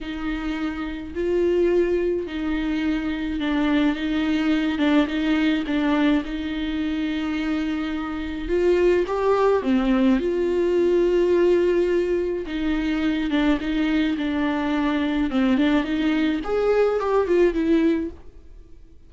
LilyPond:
\new Staff \with { instrumentName = "viola" } { \time 4/4 \tempo 4 = 106 dis'2 f'2 | dis'2 d'4 dis'4~ | dis'8 d'8 dis'4 d'4 dis'4~ | dis'2. f'4 |
g'4 c'4 f'2~ | f'2 dis'4. d'8 | dis'4 d'2 c'8 d'8 | dis'4 gis'4 g'8 f'8 e'4 | }